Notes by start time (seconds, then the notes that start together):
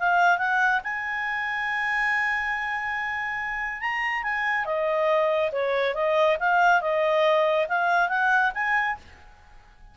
0.00 F5
0.38 F#5
0.84 G#5
3.81 A#5
4.24 G#5
4.65 D#5
5.52 C#5
5.95 D#5
6.40 F5
6.81 D#5
7.69 F5
8.09 F#5
8.55 G#5